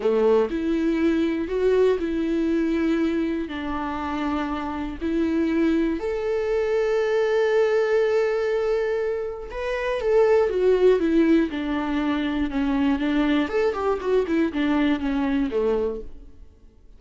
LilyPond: \new Staff \with { instrumentName = "viola" } { \time 4/4 \tempo 4 = 120 a4 e'2 fis'4 | e'2. d'4~ | d'2 e'2 | a'1~ |
a'2. b'4 | a'4 fis'4 e'4 d'4~ | d'4 cis'4 d'4 a'8 g'8 | fis'8 e'8 d'4 cis'4 a4 | }